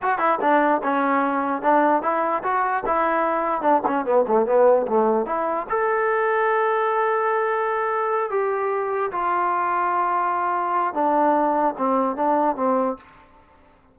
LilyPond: \new Staff \with { instrumentName = "trombone" } { \time 4/4 \tempo 4 = 148 fis'8 e'8 d'4 cis'2 | d'4 e'4 fis'4 e'4~ | e'4 d'8 cis'8 b8 a8 b4 | a4 e'4 a'2~ |
a'1~ | a'8 g'2 f'4.~ | f'2. d'4~ | d'4 c'4 d'4 c'4 | }